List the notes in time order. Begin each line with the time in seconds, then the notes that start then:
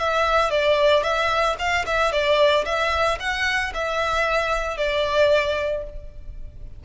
0.00 E5
0.51 D5
1.03 E5
1.59 F5
1.87 E5
2.12 D5
2.65 E5
3.20 F#5
3.74 E5
4.77 D5